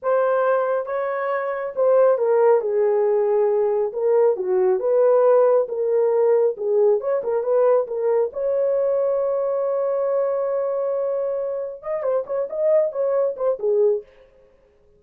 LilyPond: \new Staff \with { instrumentName = "horn" } { \time 4/4 \tempo 4 = 137 c''2 cis''2 | c''4 ais'4 gis'2~ | gis'4 ais'4 fis'4 b'4~ | b'4 ais'2 gis'4 |
cis''8 ais'8 b'4 ais'4 cis''4~ | cis''1~ | cis''2. dis''8 c''8 | cis''8 dis''4 cis''4 c''8 gis'4 | }